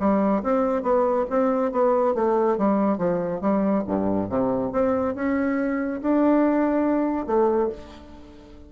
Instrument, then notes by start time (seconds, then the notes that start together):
bassoon
0.00 G3
0.43 C4
0.83 B3
1.30 C4
1.72 B3
2.15 A3
2.58 G3
2.98 F3
3.41 G3
3.87 G2
4.30 C3
4.73 C4
5.15 C#4
6.02 D4
7.27 A3